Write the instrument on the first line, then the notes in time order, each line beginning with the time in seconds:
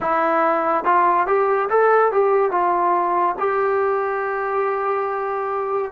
trombone
0.00 E4
0.84 F4
1.26 G4
1.69 A4
2.12 G4
2.51 F4
3.38 G4